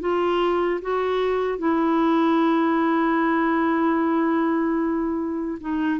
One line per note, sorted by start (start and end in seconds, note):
0.00 0.80 F4
0.81 1.58 F#4
1.58 5.58 E4
5.60 5.99 D#4